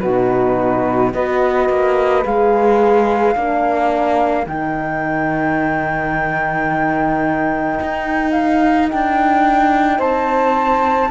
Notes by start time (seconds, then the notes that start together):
0.00 B2 D#4 F#4 B4
1.13 B3 F#4 B4 D#5
1.69 A#3
2.24 G#3 G#4 F5
3.36 A#3 D4 A#4
4.46 D#3 D#4 G5
7.81 D#4
8.32 F5
8.91 D4 G5
9.98 C4 C5 A5